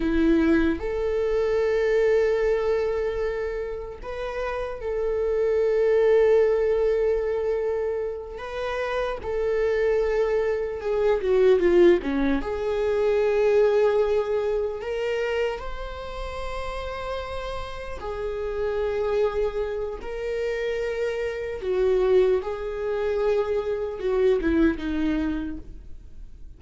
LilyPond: \new Staff \with { instrumentName = "viola" } { \time 4/4 \tempo 4 = 75 e'4 a'2.~ | a'4 b'4 a'2~ | a'2~ a'8 b'4 a'8~ | a'4. gis'8 fis'8 f'8 cis'8 gis'8~ |
gis'2~ gis'8 ais'4 c''8~ | c''2~ c''8 gis'4.~ | gis'4 ais'2 fis'4 | gis'2 fis'8 e'8 dis'4 | }